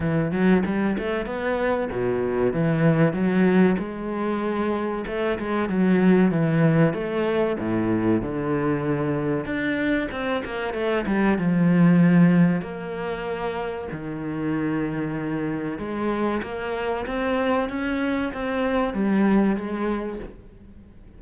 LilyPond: \new Staff \with { instrumentName = "cello" } { \time 4/4 \tempo 4 = 95 e8 fis8 g8 a8 b4 b,4 | e4 fis4 gis2 | a8 gis8 fis4 e4 a4 | a,4 d2 d'4 |
c'8 ais8 a8 g8 f2 | ais2 dis2~ | dis4 gis4 ais4 c'4 | cis'4 c'4 g4 gis4 | }